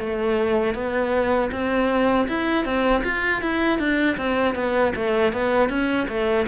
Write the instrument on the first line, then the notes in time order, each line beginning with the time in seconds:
cello
0.00 A3
0.75 B3
1.52 C4
2.28 E4
2.65 C4
3.04 F4
3.42 E4
3.79 D4
4.17 C4
4.55 B3
4.96 A3
5.33 B3
5.70 C#4
6.09 A3